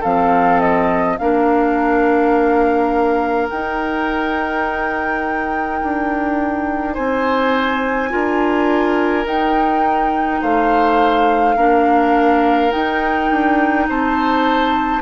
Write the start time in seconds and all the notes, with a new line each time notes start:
0.00 F3 C4 A4 F5
0.60 D#5
1.18 A#3 D4 A#4 F5
3.50 D#4 G5
5.82 D4
6.94 C4 C5 G#5
8.10 D4 F4 A#4
9.24 D#4 G5
10.41 A3 C5 F5
11.56 A#3 D4 A#4
12.71 D#4 G5
13.30 D4
13.88 C4 C5 A5